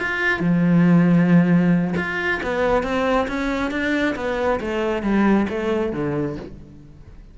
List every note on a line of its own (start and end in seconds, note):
0.00 0.40 F4
0.40 1.95 F3
1.97 2.41 F4
2.43 2.83 B3
2.83 3.27 C4
3.28 3.71 C#4
3.71 4.16 D4
4.16 4.60 B3
4.60 5.03 A3
5.03 5.47 G3
5.50 5.93 A3
5.93 6.37 D3